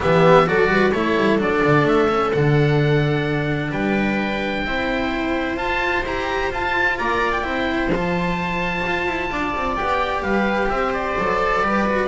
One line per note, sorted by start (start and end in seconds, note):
0.00 0.47 E3
0.00 0.45 B3
0.00 0.47 G4
0.00 0.47 E5
0.45 0.67 F#3
0.45 0.92 F#4
0.45 0.70 A4
0.45 0.92 D5
0.67 0.91 G3
0.67 0.92 B4
0.92 1.16 A3
0.92 1.38 E4
0.92 3.70 A4
0.92 1.38 C#5
1.17 1.38 G3
1.38 1.61 F#3
1.38 2.08 D4
1.38 1.87 D5
1.64 1.83 D3
1.83 2.29 A3
1.83 2.32 E5
2.08 2.32 C#4
2.32 3.71 D3
2.32 4.66 D4
2.32 3.71 F#5
3.70 4.64 G3
3.70 4.63 B4
3.70 5.57 G5
4.65 5.55 C4
4.65 5.57 E4
4.65 6.99 C5
5.55 6.02 F4
5.55 6.03 F4
5.55 6.03 A5
6.02 6.49 E4
6.02 6.51 G4
6.02 6.52 A#5
6.51 7.42 F4
6.51 6.99 F4
6.51 6.98 A5
6.98 7.44 A#3
6.98 7.44 D5
6.98 7.31 A#5
7.31 7.90 G5
7.42 7.88 C4
7.42 7.89 E4
7.42 9.30 C5
7.88 8.81 F3
7.88 9.76 A5
7.94 9.80 F4
8.86 9.06 F4
9.06 9.30 E4
9.31 9.54 D4
9.31 10.22 D5
9.55 9.78 C4
9.76 10.22 B3
9.76 11.19 G4
9.76 10.22 G5
10.22 10.68 G3
10.22 10.69 B4
10.22 10.69 F5
10.69 11.16 C4
10.69 11.64 C5
10.69 10.92 E5
10.93 12.07 D5
11.18 11.61 F#3
11.18 11.63 A4
11.61 12.07 G3
11.61 11.86 G4
11.61 12.07 B4
11.87 12.07 F#4